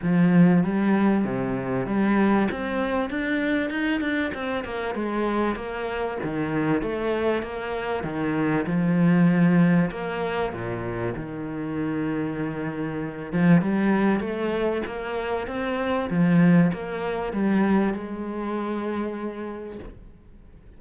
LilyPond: \new Staff \with { instrumentName = "cello" } { \time 4/4 \tempo 4 = 97 f4 g4 c4 g4 | c'4 d'4 dis'8 d'8 c'8 ais8 | gis4 ais4 dis4 a4 | ais4 dis4 f2 |
ais4 ais,4 dis2~ | dis4. f8 g4 a4 | ais4 c'4 f4 ais4 | g4 gis2. | }